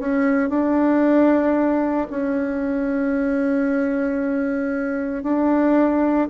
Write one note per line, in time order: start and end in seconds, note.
0.00 0.50 C#4
0.50 2.08 D4
2.11 5.23 C#4
5.23 6.29 D4